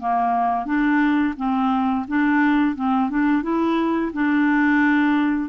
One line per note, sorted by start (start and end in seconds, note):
0.00 0.65 A#3
0.65 1.34 D4
1.37 2.06 C4
2.08 2.75 D4
2.75 3.10 C4
3.10 3.43 D4
3.43 4.12 E4
4.13 5.49 D4